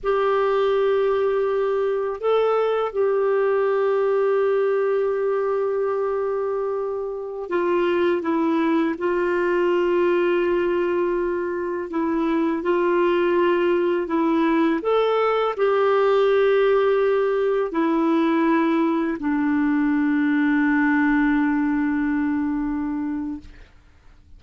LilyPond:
\new Staff \with { instrumentName = "clarinet" } { \time 4/4 \tempo 4 = 82 g'2. a'4 | g'1~ | g'2~ g'16 f'4 e'8.~ | e'16 f'2.~ f'8.~ |
f'16 e'4 f'2 e'8.~ | e'16 a'4 g'2~ g'8.~ | g'16 e'2 d'4.~ d'16~ | d'1 | }